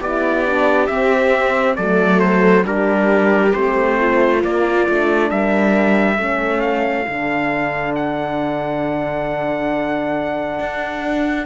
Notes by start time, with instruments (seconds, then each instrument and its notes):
0.00 cello B3, horn E4, viola G4, trumpet D5
0.46 horn D4
0.87 horn C4, cello C4, trumpet E5
1.76 cello F#3, horn A3, viola A4, trumpet D5
2.20 trumpet C5
2.63 cello G3, horn D4, viola G4, trumpet A#4
3.53 cello A3, horn C4, trumpet C5
3.99 viola F4
4.39 horn A#3, cello A#3, trumpet D5
4.89 cello A3, horn D4
5.30 cello G3, viola A#4, trumpet E5
6.16 cello A3, horn C#4, viola A4
6.61 trumpet F5
7.08 cello D3, horn D4
7.95 trumpet F#5
10.59 cello D4